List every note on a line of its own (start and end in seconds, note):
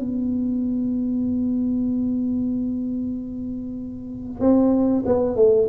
0.00 4.41 B3
4.41 5.04 C4
5.06 5.37 B3
5.37 5.68 A3